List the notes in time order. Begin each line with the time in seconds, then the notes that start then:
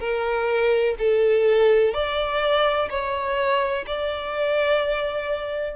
0.00 A#4
0.99 A4
1.94 D5
2.90 C#5
3.87 D5